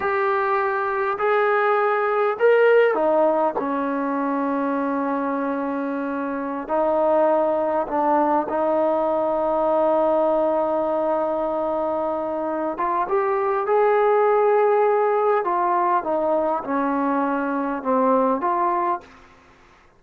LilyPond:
\new Staff \with { instrumentName = "trombone" } { \time 4/4 \tempo 4 = 101 g'2 gis'2 | ais'4 dis'4 cis'2~ | cis'2.~ cis'16 dis'8.~ | dis'4~ dis'16 d'4 dis'4.~ dis'16~ |
dis'1~ | dis'4. f'8 g'4 gis'4~ | gis'2 f'4 dis'4 | cis'2 c'4 f'4 | }